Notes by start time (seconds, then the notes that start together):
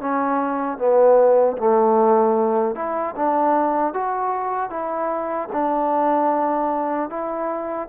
0.00 C#4
0.78 B3
1.58 A3
2.75 E4
3.16 D4
3.93 F#4
4.70 E4
5.52 D4
7.10 E4